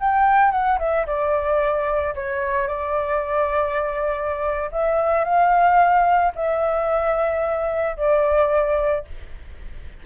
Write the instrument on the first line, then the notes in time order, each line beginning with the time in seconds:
flute
0.00 G5
0.51 F#5
0.79 E5
1.06 D5
2.15 C#5
2.68 D5
4.71 E5
5.25 F5
6.35 E5
7.97 D5